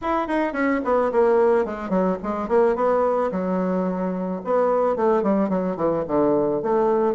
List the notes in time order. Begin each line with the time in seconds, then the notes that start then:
0.01 E4
0.27 D#4
0.52 C#4
0.84 B3
1.12 A#3
1.65 G#3
1.89 F#3
2.22 G#3
2.48 A#3
2.75 B3
3.31 F#3
4.44 B3
4.95 A3
5.22 G3
5.49 F#3
5.76 E3
6.07 D3
6.62 A3